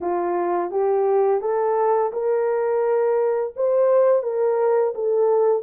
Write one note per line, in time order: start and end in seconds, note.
0.00 0.71 F4
0.71 1.41 G4
1.41 2.11 A4
2.12 3.53 A#4
3.56 4.23 C5
4.23 4.93 A#4
4.94 5.62 A4